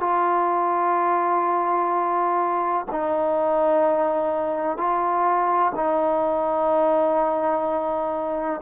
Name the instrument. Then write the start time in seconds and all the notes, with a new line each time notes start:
trombone
0.00 F4
2.91 D#4
4.77 F4
5.75 D#4